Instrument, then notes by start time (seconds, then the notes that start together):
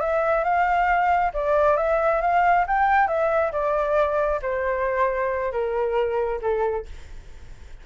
flute
0.00 E5
0.44 F5
1.34 D5
1.77 E5
2.21 F5
2.67 G5
3.08 E5
3.52 D5
4.42 C5
5.52 A#4
6.42 A4